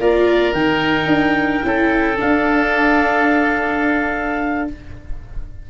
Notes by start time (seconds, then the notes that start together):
0.00 A#3 F4 A#4 D5
0.53 D#3 D#4 G5
1.06 D4
1.63 C#4 E4 A4
2.17 D4 F5